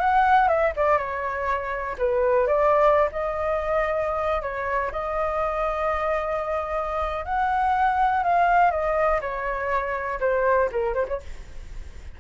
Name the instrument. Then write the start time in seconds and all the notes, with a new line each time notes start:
flute
0.00 F#5
0.48 E5
0.76 D5
0.98 C#5
1.98 B4
2.47 D5
3.12 D#5
4.42 C#5
4.92 D#5
7.25 F#5
8.23 F5
8.71 D#5
9.21 C#5
10.20 C5
10.72 A#4
10.94 C5
11.08 C#5